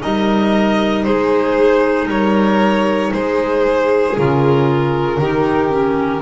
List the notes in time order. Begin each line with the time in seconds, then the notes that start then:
0.00 G3 D#4 A#4 D#5
1.04 G#3 G#4 C5
2.07 G3 A#4 C#5
3.14 G#3 G#4 C5
4.18 C#3 F4 A#4
5.18 D#3 D#4 G4
5.70 C#4